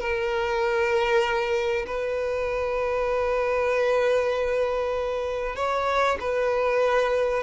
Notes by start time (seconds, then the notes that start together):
0.00 A#4
1.87 B4
5.56 C#5
6.20 B4